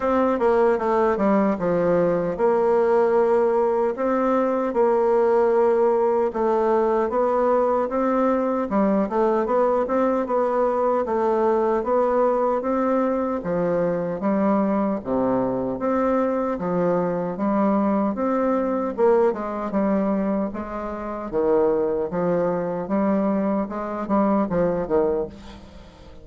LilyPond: \new Staff \with { instrumentName = "bassoon" } { \time 4/4 \tempo 4 = 76 c'8 ais8 a8 g8 f4 ais4~ | ais4 c'4 ais2 | a4 b4 c'4 g8 a8 | b8 c'8 b4 a4 b4 |
c'4 f4 g4 c4 | c'4 f4 g4 c'4 | ais8 gis8 g4 gis4 dis4 | f4 g4 gis8 g8 f8 dis8 | }